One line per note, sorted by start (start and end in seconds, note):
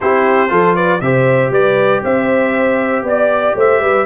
0.00 0.50 C4
0.00 0.49 E4
0.00 0.50 G4
0.00 0.75 C5
0.49 1.01 F3
0.49 0.99 F4
0.49 0.75 A4
0.75 1.00 B4
0.75 1.00 D5
1.00 1.50 C3
1.00 4.05 G4
1.00 1.51 C5
1.00 1.51 E5
1.50 2.01 G3
1.50 2.02 B4
1.50 2.03 D5
2.03 3.02 C4
2.03 3.05 C5
2.03 3.06 E5
3.02 3.53 B3
3.02 3.55 D5
3.02 3.58 D5
3.55 3.80 A3
3.55 3.81 C5
3.55 4.05 E5
3.80 4.05 G3
3.80 4.05 B4